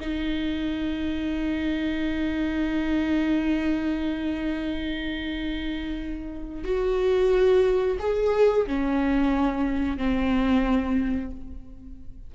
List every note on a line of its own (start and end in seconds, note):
0.00 6.64 D#4
6.64 7.97 F#4
7.99 8.66 G#4
8.66 9.97 C#4
9.97 11.31 C4